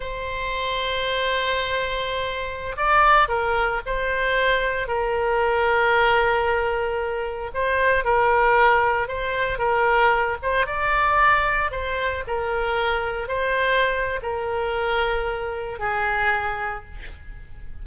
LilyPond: \new Staff \with { instrumentName = "oboe" } { \time 4/4 \tempo 4 = 114 c''1~ | c''4~ c''16 d''4 ais'4 c''8.~ | c''4~ c''16 ais'2~ ais'8.~ | ais'2~ ais'16 c''4 ais'8.~ |
ais'4~ ais'16 c''4 ais'4. c''16~ | c''16 d''2 c''4 ais'8.~ | ais'4~ ais'16 c''4.~ c''16 ais'4~ | ais'2 gis'2 | }